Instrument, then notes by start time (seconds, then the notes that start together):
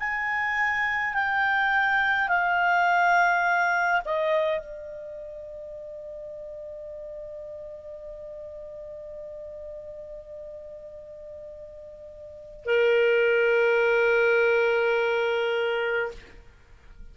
clarinet
0.00 G#5
1.14 G5
2.28 F5
4.05 D#5
4.60 D5
12.66 A#4